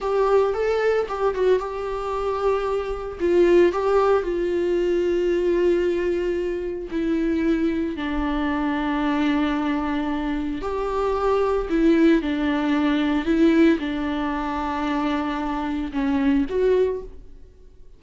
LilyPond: \new Staff \with { instrumentName = "viola" } { \time 4/4 \tempo 4 = 113 g'4 a'4 g'8 fis'8 g'4~ | g'2 f'4 g'4 | f'1~ | f'4 e'2 d'4~ |
d'1 | g'2 e'4 d'4~ | d'4 e'4 d'2~ | d'2 cis'4 fis'4 | }